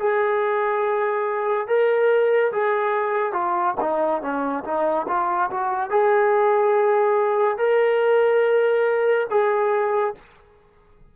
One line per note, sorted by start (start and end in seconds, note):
0.00 1.68 G#4
1.68 2.52 A#4
2.53 3.33 G#4
3.33 3.75 F4
3.81 4.22 D#4
4.22 4.64 C#4
4.65 5.07 D#4
5.09 5.51 F4
5.51 5.91 F#4
5.91 7.58 G#4
7.58 9.27 A#4
9.31 10.15 G#4